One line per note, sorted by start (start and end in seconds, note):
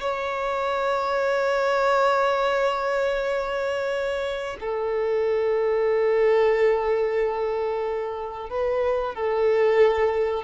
0.00 4.57 C#5
4.60 8.49 A4
8.49 9.14 B4
9.15 10.43 A4